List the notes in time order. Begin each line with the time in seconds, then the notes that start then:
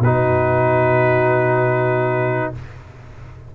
0.00 B2 D#4 F#4 B4